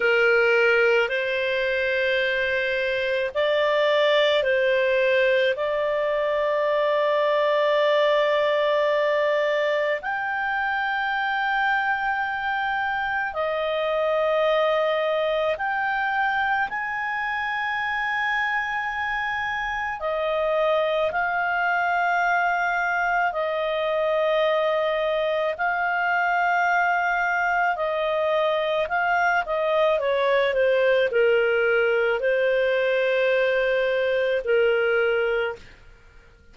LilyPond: \new Staff \with { instrumentName = "clarinet" } { \time 4/4 \tempo 4 = 54 ais'4 c''2 d''4 | c''4 d''2.~ | d''4 g''2. | dis''2 g''4 gis''4~ |
gis''2 dis''4 f''4~ | f''4 dis''2 f''4~ | f''4 dis''4 f''8 dis''8 cis''8 c''8 | ais'4 c''2 ais'4 | }